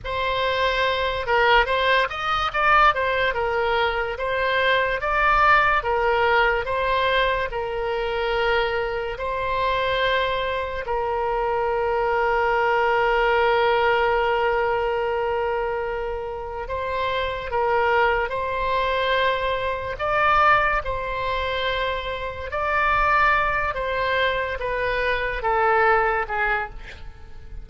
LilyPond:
\new Staff \with { instrumentName = "oboe" } { \time 4/4 \tempo 4 = 72 c''4. ais'8 c''8 dis''8 d''8 c''8 | ais'4 c''4 d''4 ais'4 | c''4 ais'2 c''4~ | c''4 ais'2.~ |
ais'1 | c''4 ais'4 c''2 | d''4 c''2 d''4~ | d''8 c''4 b'4 a'4 gis'8 | }